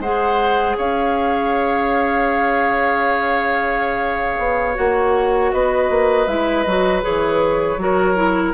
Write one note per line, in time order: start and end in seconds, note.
0.00 0.76 G#3
0.00 4.75 G#4
0.00 0.77 C5
0.00 0.77 F#5
0.77 4.38 C#4
0.77 5.52 C#5
0.77 4.77 F5
4.38 4.76 B3
4.75 5.53 A#3
4.75 6.27 F#4
4.75 5.52 F#5
5.52 5.90 B3
5.52 7.81 B4
5.52 6.28 D#5
5.90 6.27 A#3
6.27 6.65 G#3
6.27 6.66 E4
6.27 6.63 E5
6.63 7.04 F#3
6.63 7.02 F#4
6.63 7.01 D#5
7.02 7.77 E3
7.02 7.78 G#4
7.02 8.54 C#5
7.77 8.53 F#3
7.77 8.16 F#4
7.77 8.54 A#4
8.16 8.54 E4